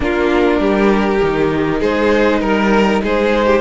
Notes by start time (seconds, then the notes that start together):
0.00 A#3 D4 F4 A#4
0.59 G3 G4
1.22 D#3 D#4
1.79 G#3 G#4 C5
2.41 G3 A#4
3.03 G#3 G#4 C5
3.46 G4